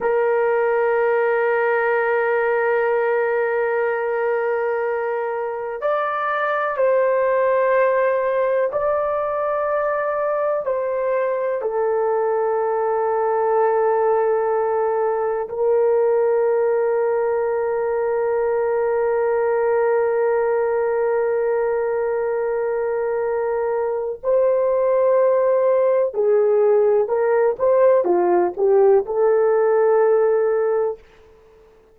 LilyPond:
\new Staff \with { instrumentName = "horn" } { \time 4/4 \tempo 4 = 62 ais'1~ | ais'2 d''4 c''4~ | c''4 d''2 c''4 | a'1 |
ais'1~ | ais'1~ | ais'4 c''2 gis'4 | ais'8 c''8 f'8 g'8 a'2 | }